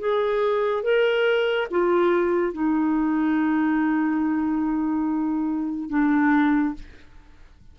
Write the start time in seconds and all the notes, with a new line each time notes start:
0.00 G#4
0.83 A#4
1.71 F4
2.54 D#4
5.90 D4